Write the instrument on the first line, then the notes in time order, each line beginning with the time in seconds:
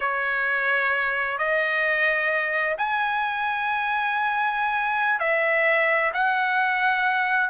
trumpet
0.00 C#5
1.38 D#5
2.77 G#5
5.19 E5
6.13 F#5